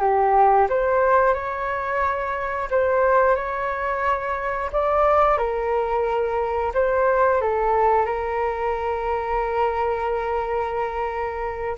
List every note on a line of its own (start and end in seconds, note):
0.00 0.67 G4
0.69 1.34 C5
1.34 2.69 C#5
2.71 3.36 C5
3.36 4.70 C#5
4.72 5.37 D5
5.37 6.72 A#4
6.74 7.41 C5
7.41 8.06 A4
8.06 11.76 A#4